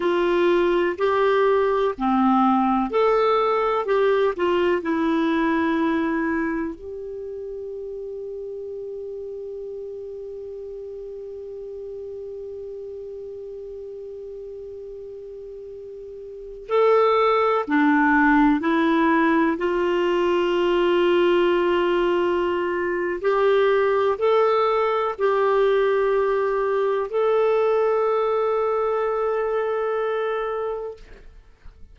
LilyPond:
\new Staff \with { instrumentName = "clarinet" } { \time 4/4 \tempo 4 = 62 f'4 g'4 c'4 a'4 | g'8 f'8 e'2 g'4~ | g'1~ | g'1~ |
g'4~ g'16 a'4 d'4 e'8.~ | e'16 f'2.~ f'8. | g'4 a'4 g'2 | a'1 | }